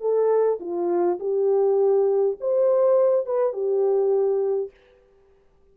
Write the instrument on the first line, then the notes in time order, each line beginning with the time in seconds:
horn
0.00 A4
0.60 F4
1.19 G4
2.40 C5
3.26 B4
3.52 G4